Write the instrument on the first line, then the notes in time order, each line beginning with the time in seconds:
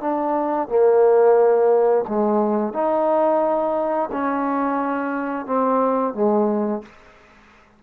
trombone
0.00 D4
0.68 A#3
2.08 G#3
2.73 D#4
4.12 C#4
5.45 C4
6.14 G#3